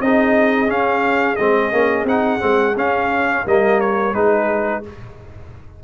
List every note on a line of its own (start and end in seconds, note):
0.00 0.68 C4
0.00 0.67 D#4
0.00 3.45 G#4
0.00 0.70 D#5
0.67 1.36 C#4
0.67 1.37 C#4
0.67 1.36 F5
1.36 1.72 G#3
1.36 1.72 C4
1.36 2.05 D#5
1.72 2.04 A#3
1.72 2.06 C#4
2.04 2.38 C4
2.04 2.39 D#4
2.04 2.77 F#5
2.39 2.76 G#3
2.39 2.74 C4
2.76 3.45 C#4
2.76 3.46 C#4
2.76 3.47 F5
3.45 4.14 G3
3.45 4.14 A#3
3.45 4.14 A#4
3.45 3.80 D#5
3.80 4.14 C#5
4.14 4.83 G#3
4.14 4.83 D#4
4.14 4.83 G#4
4.14 4.83 B4